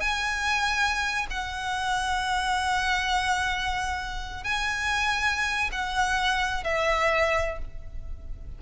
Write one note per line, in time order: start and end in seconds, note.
0.00 1.26 G#5
1.30 4.44 F#5
4.44 5.70 G#5
5.72 6.64 F#5
6.64 7.58 E5